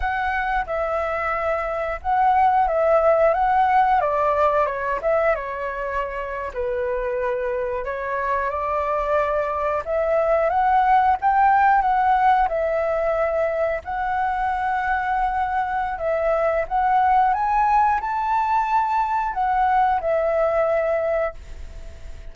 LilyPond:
\new Staff \with { instrumentName = "flute" } { \time 4/4 \tempo 4 = 90 fis''4 e''2 fis''4 | e''4 fis''4 d''4 cis''8 e''8 | cis''4.~ cis''16 b'2 cis''16~ | cis''8. d''2 e''4 fis''16~ |
fis''8. g''4 fis''4 e''4~ e''16~ | e''8. fis''2.~ fis''16 | e''4 fis''4 gis''4 a''4~ | a''4 fis''4 e''2 | }